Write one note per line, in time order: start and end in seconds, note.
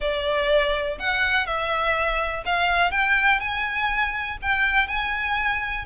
0.00 0.98 D5
0.99 1.46 F#5
1.46 2.44 E5
2.45 2.91 F5
2.91 3.39 G5
3.40 4.37 G#5
4.41 4.87 G5
4.87 5.85 G#5